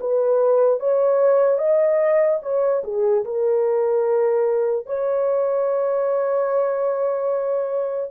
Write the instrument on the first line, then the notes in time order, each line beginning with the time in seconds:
horn
0.00 B4
0.80 C#5
1.58 D#5
2.42 C#5
2.83 G#4
3.24 A#4
4.86 C#5